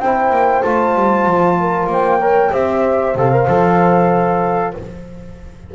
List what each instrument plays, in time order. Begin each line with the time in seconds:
0.00 double bass C4, trombone E4, horn C5, flute G5
0.31 double bass A#3
0.62 double bass A3, trombone F4, flute A5
0.95 double bass G3
1.27 double bass F3
1.60 horn A#4
1.87 double bass A#3, horn C5, flute G5
2.21 trombone A#4, horn C#5
2.52 double bass C4, trombone G4, horn C5, flute E5
3.15 double bass C3, trombone A4, flute F5
3.32 trombone A#4
3.48 double bass F3, trombone A4